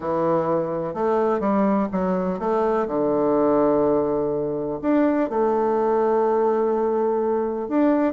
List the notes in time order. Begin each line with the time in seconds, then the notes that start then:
0.00 E3
0.94 A3
1.39 G3
1.92 F#3
2.39 A3
2.87 D3
4.81 D4
5.29 A3
7.68 D4